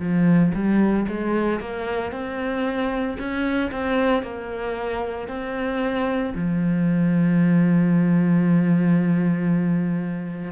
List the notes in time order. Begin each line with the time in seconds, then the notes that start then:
0.00 F3
0.54 G3
1.08 G#3
1.60 A#3
2.12 C4
3.19 C#4
3.71 C4
4.22 A#3
5.28 C4
6.35 F3